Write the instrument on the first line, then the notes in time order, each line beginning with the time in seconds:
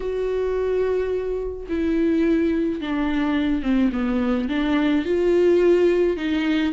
viola
0.00 F#4
1.68 E4
2.80 D4
3.62 C4
3.92 B3
4.49 D4
5.05 F4
6.17 D#4